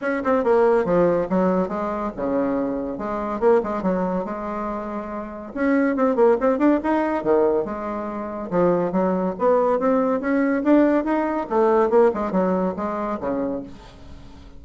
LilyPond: \new Staff \with { instrumentName = "bassoon" } { \time 4/4 \tempo 4 = 141 cis'8 c'8 ais4 f4 fis4 | gis4 cis2 gis4 | ais8 gis8 fis4 gis2~ | gis4 cis'4 c'8 ais8 c'8 d'8 |
dis'4 dis4 gis2 | f4 fis4 b4 c'4 | cis'4 d'4 dis'4 a4 | ais8 gis8 fis4 gis4 cis4 | }